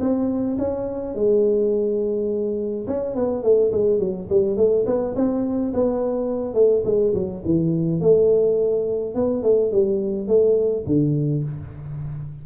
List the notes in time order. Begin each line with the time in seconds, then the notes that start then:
0.00 C4
0.58 C#4
1.15 G#3
2.87 C#4
3.15 B3
3.43 A3
3.72 G#3
3.99 F#3
4.30 G3
4.57 A3
4.86 B3
5.15 C4
5.74 B3
6.54 A3
6.85 G#3
7.14 F#3
7.44 E3
8.01 A3
9.15 B3
9.43 A3
9.71 G3
10.27 A3
10.86 D3